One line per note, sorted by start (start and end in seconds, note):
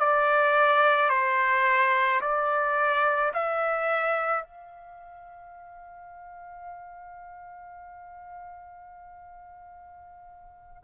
0.00 1.10 D5
1.10 2.21 C5
2.22 3.33 D5
3.34 4.44 E5
4.44 10.83 F5